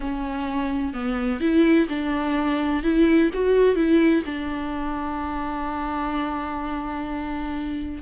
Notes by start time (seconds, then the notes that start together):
0.00 C#4
0.93 B3
1.40 E4
1.88 D4
2.83 E4
3.33 F#4
3.75 E4
4.25 D4